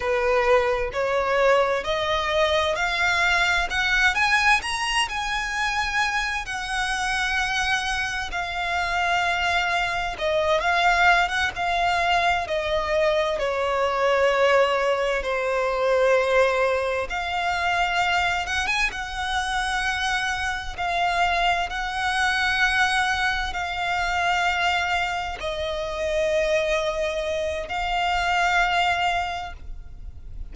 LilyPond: \new Staff \with { instrumentName = "violin" } { \time 4/4 \tempo 4 = 65 b'4 cis''4 dis''4 f''4 | fis''8 gis''8 ais''8 gis''4. fis''4~ | fis''4 f''2 dis''8 f''8~ | f''16 fis''16 f''4 dis''4 cis''4.~ |
cis''8 c''2 f''4. | fis''16 gis''16 fis''2 f''4 fis''8~ | fis''4. f''2 dis''8~ | dis''2 f''2 | }